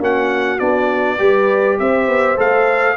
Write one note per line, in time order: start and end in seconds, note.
0.00 0.60 A#3
0.00 0.59 C#4
0.00 1.19 F#4
0.00 0.59 F#5
0.59 1.20 B3
0.59 1.19 D4
0.59 1.78 D5
1.19 1.79 G3
1.19 2.37 G4
1.19 1.79 B4
1.79 2.08 C4
1.79 2.97 C5
1.79 2.39 E5
2.08 2.38 B3
2.37 2.97 A3
2.37 2.96 A4
2.37 2.97 F5